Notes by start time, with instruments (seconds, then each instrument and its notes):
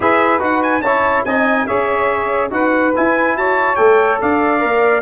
0.00 tuba E4, trombone G#4, saxophone B4, trumpet E5
0.39 tuba D#4, trombone F#4, trumpet F#5
0.63 trumpet G#5
0.80 tuba C#4, trombone E4, saxophone C#5, trumpet A5
1.24 tuba C4, trombone D#4, saxophone D#5, trumpet G#5
1.66 tuba C#4, trombone G#4, saxophone C#5, trumpet E5
2.50 tuba D#4, trombone F#4, saxophone B4, trumpet F#5
2.95 trombone E4, tuba E4, trumpet G#5
3.35 tuba F#4, saxophone C#5, trumpet A5
3.75 tuba A3, trombone A4, trumpet G5
4.20 tuba D4, saxophone D5, trumpet F5
4.60 tuba A#3, trombone A#4